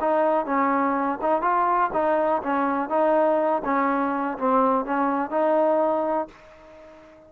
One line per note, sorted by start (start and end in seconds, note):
0.00 0.45 D#4
0.45 1.18 C#4
1.21 1.41 D#4
1.41 1.90 F4
1.93 2.42 D#4
2.43 2.89 C#4
2.89 3.62 D#4
3.64 4.37 C#4
4.37 4.85 C4
4.85 5.30 C#4
5.30 6.28 D#4